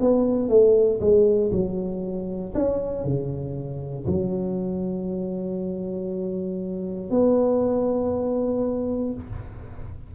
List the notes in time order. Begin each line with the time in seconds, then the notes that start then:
0.00 B3
0.49 A3
1.00 G#3
1.52 F#3
2.54 C#4
3.04 C#3
4.06 F#3
7.10 B3